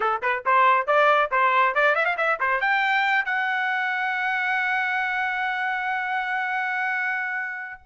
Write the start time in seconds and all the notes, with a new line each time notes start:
0.00 A4
0.22 B4
0.45 C5
0.87 D5
1.31 C5
1.75 D5
1.95 E5
2.05 F5
2.17 E5
2.40 C5
2.60 G5
3.25 F#5